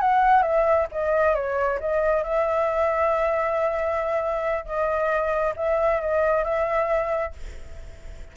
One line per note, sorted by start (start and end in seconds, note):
0.00 0.42 F#5
0.42 0.86 E5
0.91 1.34 D#5
1.34 1.79 C#5
1.80 2.23 D#5
2.23 4.65 E5
4.65 5.54 D#5
5.56 6.00 E5
6.00 6.44 D#5
6.44 7.33 E5